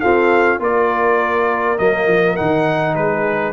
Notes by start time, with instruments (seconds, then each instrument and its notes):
0.00 trombone C4, tuba F4, horn A4, trumpet F5
0.59 tuba A#3, trombone F4, horn A#4, trumpet D5
1.78 tuba F#3, trombone A#3, trumpet D#5
2.07 tuba F3
2.36 tuba D#3, trombone D#4, trumpet F#5
2.95 tuba G#3, horn G#4, trumpet B4